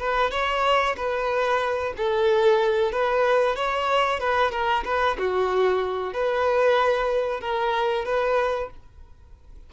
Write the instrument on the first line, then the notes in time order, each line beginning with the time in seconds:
violin
0.00 B4
0.32 C#5
0.97 B4
1.98 A4
2.92 B4
3.56 C#5
4.21 B4
4.52 A#4
4.85 B4
5.19 F#4
6.14 B4
7.41 A#4
8.06 B4